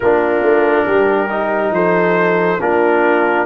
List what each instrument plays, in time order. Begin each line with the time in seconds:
0.00 tuba A#3, trombone D4, horn F4, trumpet A#4
0.42 tuba A3
0.86 tuba G3, horn G4
1.28 trombone D#4
1.71 tuba F3, horn A4, trumpet C5
2.59 tuba A#3, trombone D4, horn F4, trumpet A#4